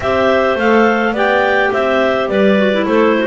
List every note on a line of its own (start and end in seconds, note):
0.00 0.55 C4
0.00 0.59 G4
0.00 1.13 C5
0.00 0.57 E5
0.55 1.12 A3
0.55 1.15 A4
0.55 1.15 F5
1.12 1.69 B3
1.12 2.57 G4
1.12 1.70 D5
1.12 1.72 G5
1.72 2.29 C4
1.72 2.29 C5
1.72 2.28 E5
2.28 2.86 G3
2.28 2.86 B4
2.28 2.85 D5
2.57 2.72 F#4
2.72 3.26 E4
2.86 3.26 A3
2.86 3.16 A4
2.86 3.26 C5
3.18 3.26 F#4